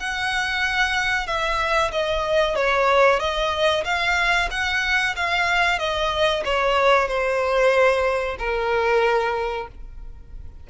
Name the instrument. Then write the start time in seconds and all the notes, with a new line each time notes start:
violin
0.00 F#5
1.27 E5
1.92 D#5
2.56 C#5
3.20 D#5
3.85 F5
4.51 F#5
5.16 F5
5.79 D#5
6.45 C#5
7.08 C5
8.39 A#4